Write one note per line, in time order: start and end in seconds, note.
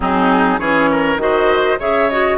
0.00 0.59 F#3
0.00 0.59 C4
0.00 0.60 D#4
0.00 0.59 G#4
0.59 1.16 E3
0.59 1.18 C#4
0.59 0.90 G#4
0.59 1.19 C#5
0.91 1.21 A#4
1.16 1.76 D#3
1.16 1.78 F#4
1.16 1.79 C5
1.16 1.80 D#5
1.79 2.38 C#3
1.79 2.09 G#4
1.79 2.38 C#5
1.79 2.09 E5
2.09 2.38 F#4
2.09 2.38 D#5